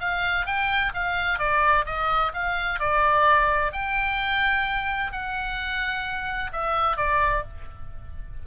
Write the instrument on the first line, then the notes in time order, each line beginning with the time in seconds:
oboe
0.00 F5
0.46 G5
0.94 F5
1.39 D5
1.85 D#5
2.34 F5
2.80 D5
3.73 G5
5.12 F#5
6.52 E5
6.97 D5